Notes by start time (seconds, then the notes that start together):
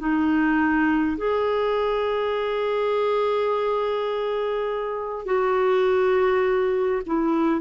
0.00 D#4
1.18 G#4
5.26 F#4
7.06 E4